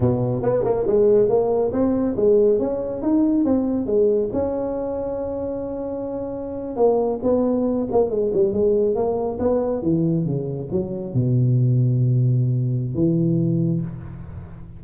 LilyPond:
\new Staff \with { instrumentName = "tuba" } { \time 4/4 \tempo 4 = 139 b,4 b8 ais8 gis4 ais4 | c'4 gis4 cis'4 dis'4 | c'4 gis4 cis'2~ | cis'2.~ cis'8. ais16~ |
ais8. b4. ais8 gis8 g8 gis16~ | gis8. ais4 b4 e4 cis16~ | cis8. fis4 b,2~ b,16~ | b,2 e2 | }